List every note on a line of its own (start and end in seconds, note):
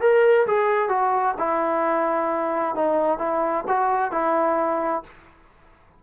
0.00 0.46 A#4
0.46 0.88 G#4
0.88 1.34 F#4
1.38 2.75 E4
2.75 3.18 D#4
3.18 3.64 E4
3.67 4.11 F#4
4.11 5.03 E4